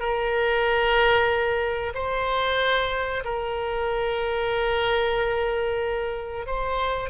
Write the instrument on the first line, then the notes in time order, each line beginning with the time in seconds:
oboe
0.00 A#4
1.95 C5
3.25 A#4
6.47 C5